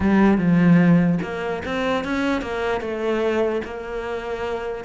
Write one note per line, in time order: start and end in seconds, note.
0.00 0.38 G3
0.38 1.18 F3
1.22 1.62 A#3
1.65 2.04 C4
2.04 2.41 C#4
2.41 2.81 A#3
2.81 3.61 A3
3.64 4.84 A#3